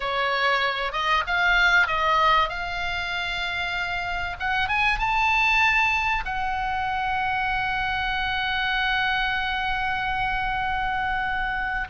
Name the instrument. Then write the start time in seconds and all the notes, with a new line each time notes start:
oboe
0.00 C#5
0.92 D#5
1.27 F5
1.87 D#5
2.49 F5
4.39 F#5
4.68 G#5
4.98 A5
6.25 F#5